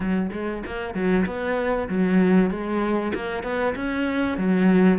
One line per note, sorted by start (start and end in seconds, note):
0.00 0.30 F#3
0.32 0.63 G#3
0.66 0.94 A#3
0.94 1.25 F#3
1.26 1.88 B3
1.89 2.50 F#3
2.50 3.12 G#3
3.14 3.43 A#3
3.43 3.74 B3
3.75 4.37 C#4
4.37 4.98 F#3